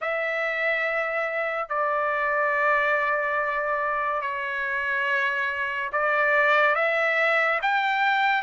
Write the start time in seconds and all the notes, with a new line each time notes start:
0.01 E5
1.69 D5
4.21 C#5
5.92 D5
6.75 E5
7.61 G5